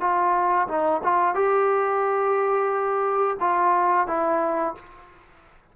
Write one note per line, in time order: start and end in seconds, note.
0.00 0.67 F4
0.68 1.01 D#4
1.04 1.35 F4
1.35 3.37 G4
3.40 4.07 F4
4.07 4.74 E4